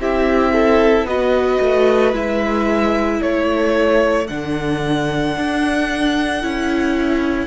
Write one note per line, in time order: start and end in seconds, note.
0.00 1.05 C4
0.00 1.08 E4
0.00 0.53 G4
0.00 1.07 E5
0.53 1.07 A4
1.05 1.58 B3
1.05 2.14 F#4
1.05 3.21 B4
1.05 2.15 D#5
1.61 2.14 A3
2.14 3.21 G#3
2.14 4.28 E4
2.14 3.22 E5
3.21 4.30 A3
3.21 7.47 A4
3.21 4.28 C#5
4.28 5.37 D3
4.28 6.42 D4
4.28 7.47 F#5
5.37 6.44 D4
6.42 7.47 C#4
6.42 7.47 E4